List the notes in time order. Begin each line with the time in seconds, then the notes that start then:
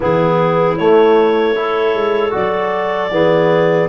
0.00 E3 B3 E4 G#4
0.76 A3 C#5
1.55 E4 A4
1.94 G#3
2.30 F#3 F#4 D5
3.11 E3 B3 G#4